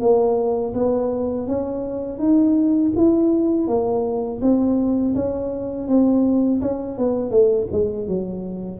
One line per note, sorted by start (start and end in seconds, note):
0.00 0.73 A#3
0.74 1.47 B3
1.47 2.19 C#4
2.19 2.92 D#4
2.96 3.67 E4
3.67 4.40 A#3
4.41 5.15 C4
5.15 5.88 C#4
5.88 6.61 C4
6.61 6.97 C#4
6.97 7.30 B3
7.30 7.67 A3
7.72 8.08 G#3
8.08 8.80 F#3